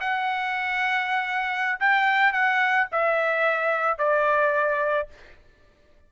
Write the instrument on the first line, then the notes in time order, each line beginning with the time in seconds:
trumpet
0.00 F#5
1.80 G5
2.32 F#5
2.92 E5
3.98 D5